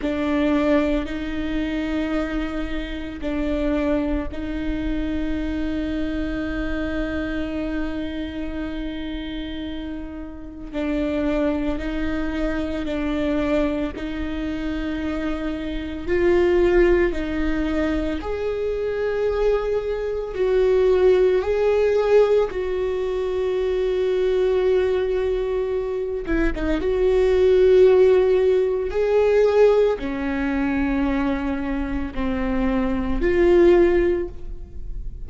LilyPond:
\new Staff \with { instrumentName = "viola" } { \time 4/4 \tempo 4 = 56 d'4 dis'2 d'4 | dis'1~ | dis'2 d'4 dis'4 | d'4 dis'2 f'4 |
dis'4 gis'2 fis'4 | gis'4 fis'2.~ | fis'8 e'16 dis'16 fis'2 gis'4 | cis'2 c'4 f'4 | }